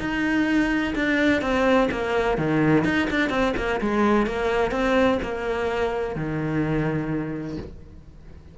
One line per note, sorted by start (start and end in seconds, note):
0.00 0.94 D#4
0.96 1.42 D4
1.42 1.89 C4
1.91 2.38 A#3
2.38 2.85 D#3
2.85 3.09 D#4
3.11 3.30 D4
3.30 3.53 C4
3.57 3.81 A#3
3.81 4.27 G#3
4.27 4.72 A#3
4.72 5.19 C4
5.23 6.16 A#3
6.16 7.58 D#3